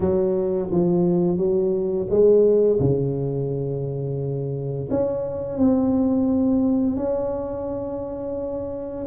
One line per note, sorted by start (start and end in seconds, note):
0.00 0.70 F#3
0.71 1.37 F3
1.37 2.07 F#3
2.10 2.79 G#3
2.79 4.89 C#3
4.90 5.58 C#4
5.58 6.96 C4
6.96 9.06 C#4